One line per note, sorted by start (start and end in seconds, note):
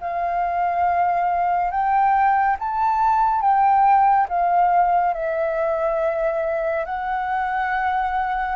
0.00 1.70 F5
1.70 2.56 G5
2.59 3.41 A5
3.41 4.27 G5
4.29 5.14 F5
5.14 6.85 E5
6.85 8.55 F#5